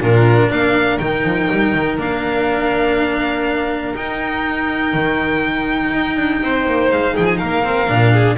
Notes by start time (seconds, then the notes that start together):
0.00 A#2 D4 F4 A#4
0.49 A#3 A#4 F5
0.98 D#3 D#4 G5
1.23 F3
1.51 G3
1.73 D#3
1.97 A#3 D4 F5
3.94 D#4 G5
4.93 D#3
5.92 D#4
6.16 D4
6.42 C4 C5
6.66 A#3
6.91 G#3 F5
7.13 F3 G#4 G5
7.25 G#5
7.37 A#3 A#4 F5
7.63 C4
7.87 A#2 D4
8.12 G#4